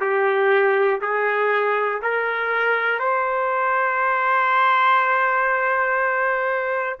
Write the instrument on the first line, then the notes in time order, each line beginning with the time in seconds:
trumpet
0.00 G4
1.01 G#4
2.01 A#4
2.99 C5